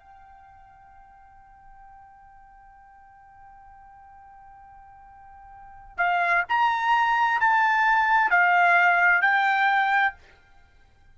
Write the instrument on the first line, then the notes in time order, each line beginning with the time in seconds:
trumpet
0.00 G5
5.98 F5
6.49 A#5
7.41 A5
8.31 F5
9.22 G5